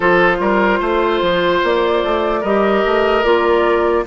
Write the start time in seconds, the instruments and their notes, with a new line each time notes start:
0.00 bassoon F3, clarinet F4, oboe A4, flute C5
0.39 bassoon G3, oboe A#4
0.79 bassoon A3, oboe C5
1.21 bassoon F3
1.63 bassoon A#3, flute D5
2.03 bassoon A3
2.41 bassoon G3, clarinet G4, oboe A#4, flute D#5
2.85 bassoon A3
3.23 bassoon A#3, clarinet F4, flute D5